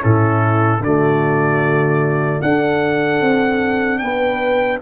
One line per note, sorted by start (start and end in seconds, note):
0.00 0.80 A2
0.00 0.80 C#4
0.00 0.82 E4
0.00 0.83 A4
0.80 2.40 D3
0.80 2.44 F#4
0.80 2.42 D5
0.86 2.46 A3
2.42 3.21 D4
2.42 4.82 D4
2.42 4.01 A4
2.42 3.98 F#5
3.21 4.01 C4
3.98 4.81 B3
3.98 4.81 B4
3.98 4.78 G5